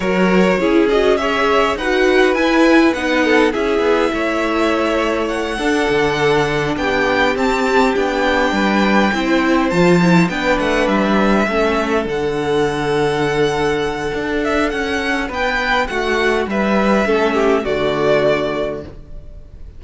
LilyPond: <<
  \new Staff \with { instrumentName = "violin" } { \time 4/4 \tempo 4 = 102 cis''4. dis''8 e''4 fis''4 | gis''4 fis''4 e''2~ | e''4 fis''2~ fis''8 g''8~ | g''8 a''4 g''2~ g''8~ |
g''8 a''4 g''8 fis''8 e''4.~ | e''8 fis''2.~ fis''8~ | fis''8 e''8 fis''4 g''4 fis''4 | e''2 d''2 | }
  \new Staff \with { instrumentName = "violin" } { \time 4/4 ais'4 gis'4 cis''4 b'4~ | b'4. a'8 gis'4 cis''4~ | cis''4. a'2 g'8~ | g'2~ g'8 b'4 c''8~ |
c''4. b'2 a'8~ | a'1~ | a'2 b'4 fis'4 | b'4 a'8 g'8 fis'2 | }
  \new Staff \with { instrumentName = "viola" } { \time 4/4 fis'4 e'8 fis'8 gis'4 fis'4 | e'4 dis'4 e'2~ | e'4. d'2~ d'8~ | d'8 c'4 d'2 e'8~ |
e'8 f'8 e'8 d'2 cis'8~ | cis'8 d'2.~ d'8~ | d'1~ | d'4 cis'4 a2 | }
  \new Staff \with { instrumentName = "cello" } { \time 4/4 fis4 cis'2 dis'4 | e'4 b4 cis'8 b8 a4~ | a4. d'8 d4. b8~ | b8 c'4 b4 g4 c'8~ |
c'8 f4 b8 a8 g4 a8~ | a8 d2.~ d8 | d'4 cis'4 b4 a4 | g4 a4 d2 | }
>>